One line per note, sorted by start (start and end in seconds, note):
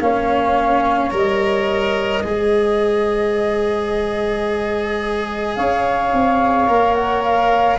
0.00 1.11 A#3
0.00 1.11 C#4
0.00 2.23 C#5
0.00 1.12 F5
1.11 2.23 G3
1.11 2.22 A#4
1.11 5.55 D#5
2.23 5.57 G#3
2.23 6.67 G#4
2.23 5.56 C5
5.55 6.12 C#4
5.55 7.78 C#5
5.55 6.94 F5
6.13 6.68 C4
6.68 7.79 A#3
6.68 7.79 A#4
6.94 7.22 F#5
7.23 7.79 F5